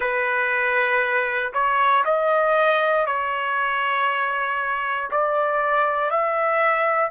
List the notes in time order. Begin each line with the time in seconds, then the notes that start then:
0.00 B4
1.53 C#5
2.04 D#5
3.06 C#5
5.10 D5
6.10 E5